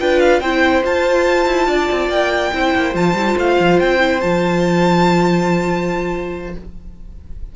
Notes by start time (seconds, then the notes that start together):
0.00 D4 F4 B4 G5
0.19 F5
0.40 C4 E4 C5 G5
0.84 F4 A5
1.46 E4
1.67 D4 D5
1.91 C4
2.09 A#3 G5
2.53 C4 E4 C5
2.75 A#3
2.94 F3 F4 A5
3.14 G3 E4
3.26 F4
3.37 A3 F5
3.60 F3
3.80 C4 G5
3.99 E4
4.20 F3 F4 A5